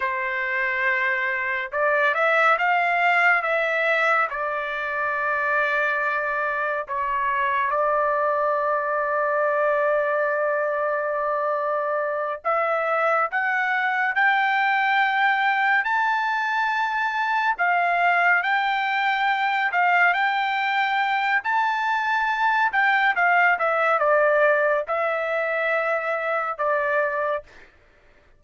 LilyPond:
\new Staff \with { instrumentName = "trumpet" } { \time 4/4 \tempo 4 = 70 c''2 d''8 e''8 f''4 | e''4 d''2. | cis''4 d''2.~ | d''2~ d''8 e''4 fis''8~ |
fis''8 g''2 a''4.~ | a''8 f''4 g''4. f''8 g''8~ | g''4 a''4. g''8 f''8 e''8 | d''4 e''2 d''4 | }